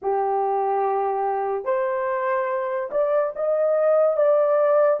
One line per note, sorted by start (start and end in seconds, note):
0.02 1.64 G4
1.64 2.89 C5
2.91 3.33 D5
3.35 4.16 D#5
4.16 5.00 D5